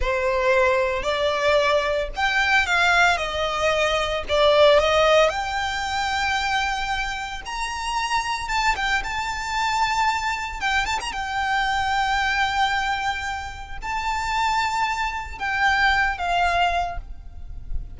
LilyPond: \new Staff \with { instrumentName = "violin" } { \time 4/4 \tempo 4 = 113 c''2 d''2 | g''4 f''4 dis''2 | d''4 dis''4 g''2~ | g''2 ais''2 |
a''8 g''8 a''2. | g''8 a''16 ais''16 g''2.~ | g''2 a''2~ | a''4 g''4. f''4. | }